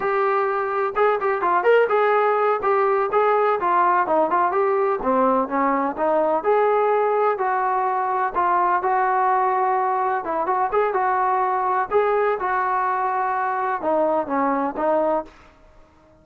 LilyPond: \new Staff \with { instrumentName = "trombone" } { \time 4/4 \tempo 4 = 126 g'2 gis'8 g'8 f'8 ais'8 | gis'4. g'4 gis'4 f'8~ | f'8 dis'8 f'8 g'4 c'4 cis'8~ | cis'8 dis'4 gis'2 fis'8~ |
fis'4. f'4 fis'4.~ | fis'4. e'8 fis'8 gis'8 fis'4~ | fis'4 gis'4 fis'2~ | fis'4 dis'4 cis'4 dis'4 | }